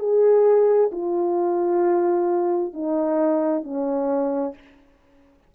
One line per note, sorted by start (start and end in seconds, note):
0.00 0.91 G#4
0.93 2.74 F4
2.74 3.64 D#4
3.64 4.55 C#4